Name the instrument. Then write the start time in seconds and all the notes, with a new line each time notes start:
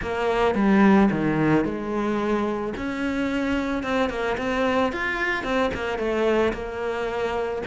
cello
0.02 A#3
0.55 G3
1.11 D#3
1.64 G#3
2.77 C#4
3.83 C4
4.09 A#3
4.37 C4
4.92 F4
5.43 C4
5.74 A#3
5.98 A3
6.53 A#3